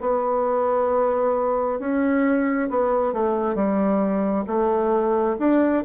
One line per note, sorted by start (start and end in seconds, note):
0.00 1.79 B3
1.79 2.69 C#4
2.69 3.13 B3
3.13 3.55 A3
3.55 4.44 G3
4.47 5.36 A3
5.39 5.84 D4